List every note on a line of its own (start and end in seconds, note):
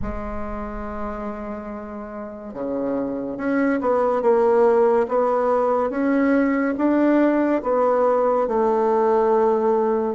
0.02 2.54 G#3
2.54 3.37 C#3
3.37 3.79 C#4
3.80 4.21 B3
4.21 5.06 A#3
5.08 5.89 B3
5.89 6.74 C#4
6.77 7.62 D4
7.62 8.47 B3
8.47 10.14 A3